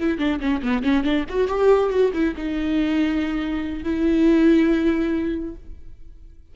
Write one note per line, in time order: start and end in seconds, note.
0.00 0.19 E4
0.19 0.40 D4
0.40 0.62 C#4
0.62 0.83 B3
0.83 1.04 C#4
1.04 1.25 D4
1.29 1.48 F#4
1.48 1.90 G4
1.90 2.11 F#4
2.14 2.35 E4
2.36 3.84 D#4
3.84 5.55 E4